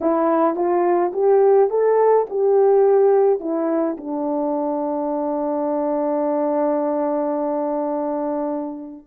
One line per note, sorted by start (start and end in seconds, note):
0.00 0.55 E4
0.55 1.12 F4
1.13 1.70 G4
1.70 2.26 A4
2.29 3.40 G4
3.40 3.96 E4
3.97 9.06 D4